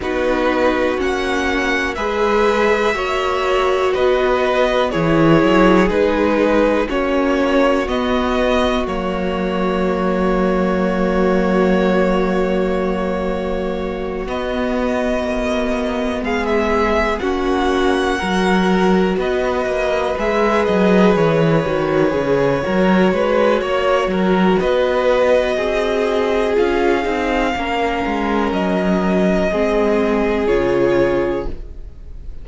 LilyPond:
<<
  \new Staff \with { instrumentName = "violin" } { \time 4/4 \tempo 4 = 61 b'4 fis''4 e''2 | dis''4 cis''4 b'4 cis''4 | dis''4 cis''2.~ | cis''2~ cis''8 dis''4.~ |
dis''8 f''16 e''8. fis''2 dis''8~ | dis''8 e''8 dis''8 cis''2~ cis''8~ | cis''4 dis''2 f''4~ | f''4 dis''2 cis''4 | }
  \new Staff \with { instrumentName = "violin" } { \time 4/4 fis'2 b'4 cis''4 | b'4 gis'2 fis'4~ | fis'1~ | fis'1~ |
fis'8 gis'4 fis'4 ais'4 b'8~ | b'2. ais'8 b'8 | cis''8 ais'8 b'4 gis'2 | ais'2 gis'2 | }
  \new Staff \with { instrumentName = "viola" } { \time 4/4 dis'4 cis'4 gis'4 fis'4~ | fis'4 e'4 dis'4 cis'4 | b4 ais2.~ | ais2~ ais8 b4.~ |
b4. cis'4 fis'4.~ | fis'8 gis'4. fis'8 gis'8 fis'4~ | fis'2. f'8 dis'8 | cis'2 c'4 f'4 | }
  \new Staff \with { instrumentName = "cello" } { \time 4/4 b4 ais4 gis4 ais4 | b4 e8 fis8 gis4 ais4 | b4 fis2.~ | fis2~ fis8 b4 ais8~ |
ais8 gis4 ais4 fis4 b8 | ais8 gis8 fis8 e8 dis8 cis8 fis8 gis8 | ais8 fis8 b4 c'4 cis'8 c'8 | ais8 gis8 fis4 gis4 cis4 | }
>>